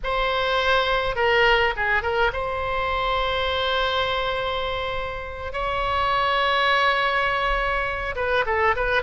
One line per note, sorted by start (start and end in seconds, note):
0.03 1.15 C5
1.15 1.73 A#4
1.76 2.02 G#4
2.02 2.31 A#4
2.32 5.53 C5
5.53 8.15 C#5
8.15 8.44 B4
8.45 8.75 A4
8.76 9.02 B4